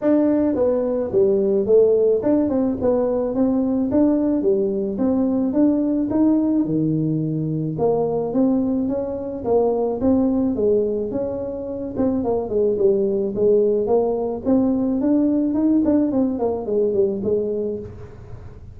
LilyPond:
\new Staff \with { instrumentName = "tuba" } { \time 4/4 \tempo 4 = 108 d'4 b4 g4 a4 | d'8 c'8 b4 c'4 d'4 | g4 c'4 d'4 dis'4 | dis2 ais4 c'4 |
cis'4 ais4 c'4 gis4 | cis'4. c'8 ais8 gis8 g4 | gis4 ais4 c'4 d'4 | dis'8 d'8 c'8 ais8 gis8 g8 gis4 | }